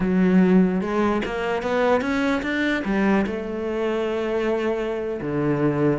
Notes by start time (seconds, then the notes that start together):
0.00 F#3
0.81 G#3
1.25 A#3
1.62 B3
2.01 C#4
2.42 D4
2.84 G3
3.26 A3
5.21 D3